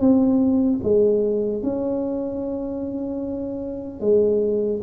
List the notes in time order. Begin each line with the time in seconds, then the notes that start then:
0.00 C4
0.84 G#3
1.63 C#4
4.01 G#3